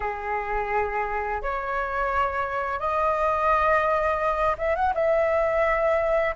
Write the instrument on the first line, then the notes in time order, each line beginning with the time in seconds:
flute
0.00 G#4
1.41 C#5
2.79 D#5
4.58 E5
4.75 F#5
4.94 E5